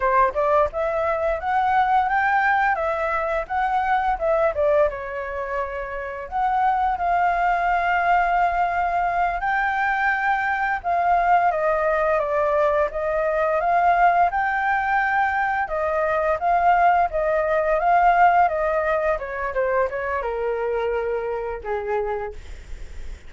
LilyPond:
\new Staff \with { instrumentName = "flute" } { \time 4/4 \tempo 4 = 86 c''8 d''8 e''4 fis''4 g''4 | e''4 fis''4 e''8 d''8 cis''4~ | cis''4 fis''4 f''2~ | f''4. g''2 f''8~ |
f''8 dis''4 d''4 dis''4 f''8~ | f''8 g''2 dis''4 f''8~ | f''8 dis''4 f''4 dis''4 cis''8 | c''8 cis''8 ais'2 gis'4 | }